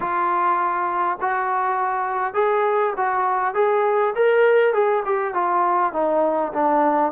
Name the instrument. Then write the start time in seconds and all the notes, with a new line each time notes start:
trombone
0.00 F4
1.20 F#4
2.34 G#4
2.96 F#4
3.54 G#4
4.15 A#4
4.73 G#4
5.05 G4
5.34 F4
5.92 D#4
6.53 D4